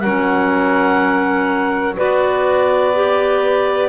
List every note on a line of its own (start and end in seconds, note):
0.00 1.98 F#3
0.00 1.96 C#4
0.00 1.95 A#4
0.00 1.94 F#5
1.96 3.89 B3
1.96 2.93 F#4
1.96 3.89 B4
1.96 3.89 D5
2.94 3.89 G4